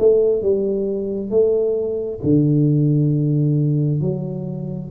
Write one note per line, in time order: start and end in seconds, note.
0.00 0.43 A3
0.43 1.31 G3
1.31 2.20 A3
2.24 4.01 D3
4.01 4.91 F#3